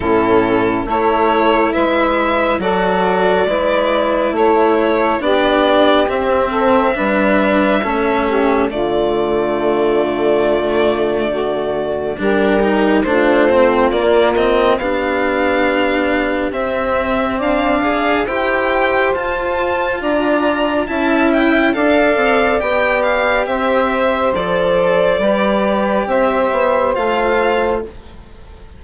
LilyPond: <<
  \new Staff \with { instrumentName = "violin" } { \time 4/4 \tempo 4 = 69 a'4 cis''4 e''4 d''4~ | d''4 cis''4 d''4 e''4~ | e''2 d''2~ | d''2 ais'4 c''4 |
d''8 dis''8 f''2 e''4 | f''4 g''4 a''4 ais''4 | a''8 g''8 f''4 g''8 f''8 e''4 | d''2 e''4 f''4 | }
  \new Staff \with { instrumentName = "saxophone" } { \time 4/4 e'4 a'4 b'4 a'4 | b'4 a'4 g'4. a'8 | b'4 a'8 g'8 f'2~ | f'4 fis'4 g'4 f'4~ |
f'4 g'2. | d''4 c''2 d''4 | e''4 d''2 c''4~ | c''4 b'4 c''2 | }
  \new Staff \with { instrumentName = "cello" } { \time 4/4 cis'4 e'2 fis'4 | e'2 d'4 c'4 | d'4 cis'4 a2~ | a2 d'8 dis'8 d'8 c'8 |
ais8 c'8 d'2 c'4~ | c'8 gis'8 g'4 f'2 | e'4 a'4 g'2 | a'4 g'2 f'4 | }
  \new Staff \with { instrumentName = "bassoon" } { \time 4/4 a,4 a4 gis4 fis4 | gis4 a4 b4 c'4 | g4 a4 d2~ | d2 g4 a4 |
ais4 b2 c'4 | d'4 e'4 f'4 d'4 | cis'4 d'8 c'8 b4 c'4 | f4 g4 c'8 b8 a4 | }
>>